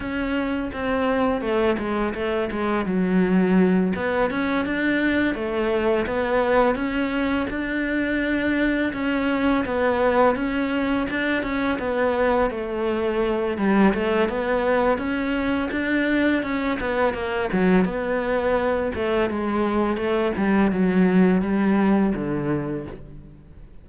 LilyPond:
\new Staff \with { instrumentName = "cello" } { \time 4/4 \tempo 4 = 84 cis'4 c'4 a8 gis8 a8 gis8 | fis4. b8 cis'8 d'4 a8~ | a8 b4 cis'4 d'4.~ | d'8 cis'4 b4 cis'4 d'8 |
cis'8 b4 a4. g8 a8 | b4 cis'4 d'4 cis'8 b8 | ais8 fis8 b4. a8 gis4 | a8 g8 fis4 g4 d4 | }